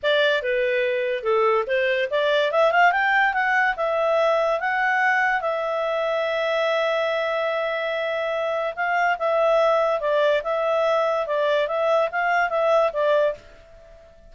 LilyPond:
\new Staff \with { instrumentName = "clarinet" } { \time 4/4 \tempo 4 = 144 d''4 b'2 a'4 | c''4 d''4 e''8 f''8 g''4 | fis''4 e''2 fis''4~ | fis''4 e''2.~ |
e''1~ | e''4 f''4 e''2 | d''4 e''2 d''4 | e''4 f''4 e''4 d''4 | }